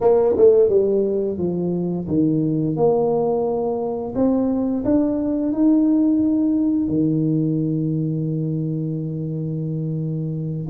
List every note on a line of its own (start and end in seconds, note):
0.01 0.35 A#3
0.37 0.69 A3
0.69 1.38 G3
1.38 2.07 F3
2.07 2.76 D#3
2.76 4.14 A#3
4.15 4.84 C4
4.84 5.52 D4
5.52 6.88 D#4
6.88 10.67 D#3